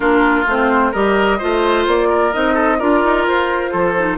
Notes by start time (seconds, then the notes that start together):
0.00 A#3 D4 F4 A#4
0.46 A3 C4 C5
0.91 G3 G4 A#4 D#5
1.38 A3 F4 C5
1.87 A#3 D5
2.08 A#4
2.33 C4 D#4 D#5
2.54 A4
2.79 D4 F4 A#4 D5
3.03 D#4
3.27 F4 C5
3.71 F3 A4
3.97 D#4